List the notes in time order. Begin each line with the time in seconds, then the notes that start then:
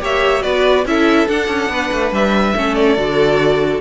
0.00 A#3 G4 C#5 E5
0.41 B3 F#4 B4 D5
0.85 C#4 E4 A4 E5
1.27 D4 F#5
1.48 C#4
1.69 B3 B4
1.92 A3
2.12 G3 E5
2.55 A3 C#4 A4
2.75 D5
2.97 D3 F#4